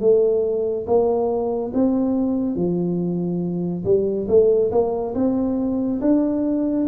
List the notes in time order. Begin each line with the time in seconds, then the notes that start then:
0.00 A3
0.86 A#3
1.74 C4
2.56 F3
3.85 G3
4.28 A3
4.71 A#3
5.15 C4
6.01 D4